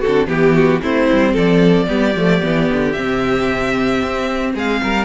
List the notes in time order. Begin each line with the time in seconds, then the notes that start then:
0.00 F#4 A4
0.07 D3 C4
0.27 E3 B3 G4
0.55 F#4
0.82 A3 C4 E4 C5
1.12 G3
1.33 F3 A4 D5
1.88 G3 B3 G4
2.15 F3 A3
2.41 E3 B3
2.72 D3
2.92 C3 C4 E5
4.03 C4
4.55 G#3 G#4 F5
4.83 G3 A#4